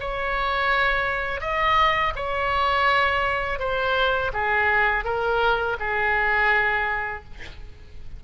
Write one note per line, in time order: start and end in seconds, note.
0.00 1.41 C#5
1.41 2.14 D#5
2.16 3.59 C#5
3.59 4.32 C5
4.34 5.05 G#4
5.05 5.77 A#4
5.80 7.24 G#4